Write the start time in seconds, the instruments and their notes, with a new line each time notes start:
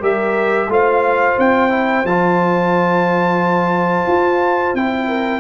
0.00 tuba G3, trombone G4, horn A#4, trumpet E5
0.68 tuba A3, trombone F4, horn C5, trumpet F5
1.38 tuba C4, trumpet G5
1.70 trombone E4
2.04 tuba F3, trombone F4, trumpet A5
4.07 tuba F4
4.74 tuba C4, trombone E4, trumpet G5
5.07 horn A#4